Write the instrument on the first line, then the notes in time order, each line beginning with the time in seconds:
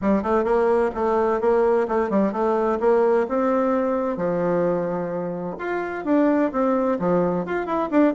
bassoon
0.01 G3
0.22 A3
0.43 A#3
0.94 A3
1.40 A#3
1.88 A3
2.10 G3
2.32 A3
2.80 A#3
3.28 C4
4.16 F3
5.58 F4
6.05 D4
6.51 C4
6.99 F3
7.45 F4
7.66 E4
7.90 D4